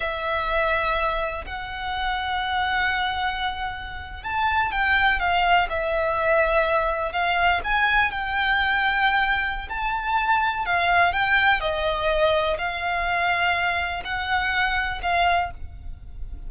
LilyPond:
\new Staff \with { instrumentName = "violin" } { \time 4/4 \tempo 4 = 124 e''2. fis''4~ | fis''1~ | fis''8. a''4 g''4 f''4 e''16~ | e''2~ e''8. f''4 gis''16~ |
gis''8. g''2.~ g''16 | a''2 f''4 g''4 | dis''2 f''2~ | f''4 fis''2 f''4 | }